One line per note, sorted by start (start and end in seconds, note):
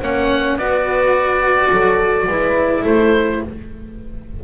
0.00 0.56 A#3
0.00 0.59 C#4
0.00 0.57 C#5
0.00 0.58 F#5
0.56 1.69 B3
0.56 2.29 F#4
0.56 1.72 B4
0.56 2.85 D5
1.72 2.27 F#3
1.72 2.28 A4
2.27 2.83 G#3
2.27 3.44 E4
2.27 2.83 B4
2.83 3.41 A3
2.83 3.40 A4
2.83 3.43 C5